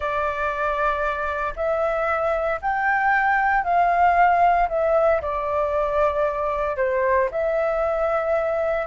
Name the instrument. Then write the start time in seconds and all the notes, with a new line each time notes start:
flute
0.00 D5
1.55 E5
2.61 G5
3.64 F5
4.69 E5
5.21 D5
6.77 C5
7.31 E5